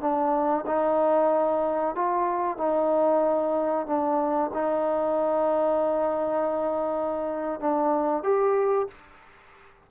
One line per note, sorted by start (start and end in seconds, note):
0.00 0.65 D4
0.66 1.95 D#4
1.95 2.57 F4
2.57 3.86 D#4
3.86 4.50 D4
4.53 7.60 D#4
7.60 8.23 D4
8.23 8.87 G4